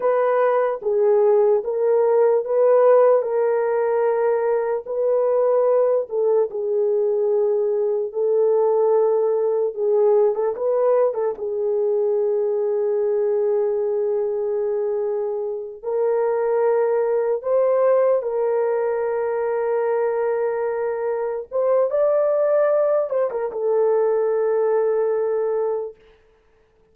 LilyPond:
\new Staff \with { instrumentName = "horn" } { \time 4/4 \tempo 4 = 74 b'4 gis'4 ais'4 b'4 | ais'2 b'4. a'8 | gis'2 a'2 | gis'8. a'16 b'8. a'16 gis'2~ |
gis'2.~ gis'8 ais'8~ | ais'4. c''4 ais'4.~ | ais'2~ ais'8 c''8 d''4~ | d''8 c''16 ais'16 a'2. | }